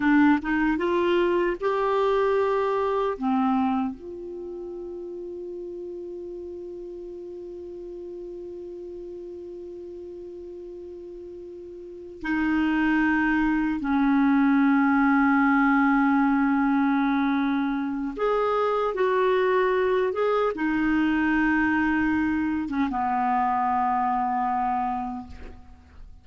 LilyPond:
\new Staff \with { instrumentName = "clarinet" } { \time 4/4 \tempo 4 = 76 d'8 dis'8 f'4 g'2 | c'4 f'2.~ | f'1~ | f'2.~ f'8 dis'8~ |
dis'4. cis'2~ cis'8~ | cis'2. gis'4 | fis'4. gis'8 dis'2~ | dis'8. cis'16 b2. | }